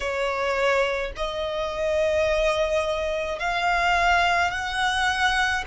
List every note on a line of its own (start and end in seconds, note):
0.00 1.12 C#5
1.16 3.39 D#5
3.39 4.50 F5
4.50 5.63 F#5